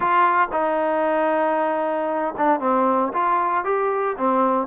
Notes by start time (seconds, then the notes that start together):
0.00 F4
0.51 D#4
2.37 D4
2.60 C4
3.13 F4
3.64 G4
4.17 C4